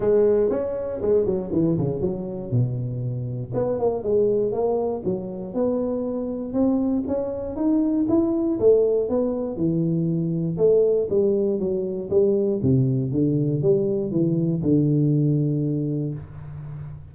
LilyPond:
\new Staff \with { instrumentName = "tuba" } { \time 4/4 \tempo 4 = 119 gis4 cis'4 gis8 fis8 e8 cis8 | fis4 b,2 b8 ais8 | gis4 ais4 fis4 b4~ | b4 c'4 cis'4 dis'4 |
e'4 a4 b4 e4~ | e4 a4 g4 fis4 | g4 c4 d4 g4 | e4 d2. | }